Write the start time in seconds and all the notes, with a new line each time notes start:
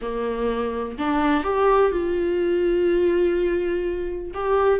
0.01 A#3
0.98 D4
1.43 G4
1.91 F4
4.34 G4